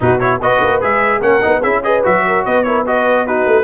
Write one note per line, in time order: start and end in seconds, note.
0.00 0.41 B2
0.00 0.19 D#4
0.00 0.40 F#4
0.00 0.20 B4
0.20 0.40 E4
0.20 0.40 C#5
0.40 0.61 B3
0.40 0.81 F#4
0.40 1.21 B4
0.40 0.82 D#5
0.62 0.82 A#3
0.81 1.20 G#3
0.81 1.21 G#4
0.81 1.22 E5
1.20 1.41 A#3
1.20 1.41 C#4
1.20 1.60 A#4
1.20 1.62 F#5
1.41 1.63 B3
1.41 1.62 D#4
1.60 2.04 C#4
1.60 1.83 E4
1.60 1.81 G#4
1.60 1.82 E5
1.83 2.03 G#4
1.83 2.25 B4
1.83 2.03 D#5
2.03 2.46 F#3
2.03 2.64 F#4
2.03 2.45 E5
2.27 2.45 A#4
2.45 3.46 B3
2.45 2.65 B4
2.45 2.63 D#5
2.63 2.85 E4
2.63 2.86 A#4
2.63 2.83 C#5
2.86 3.27 F#4
2.86 3.25 B4
2.86 3.26 D#5
3.25 3.63 D#4
3.25 3.63 F#4
3.25 3.63 B4
3.46 3.63 A3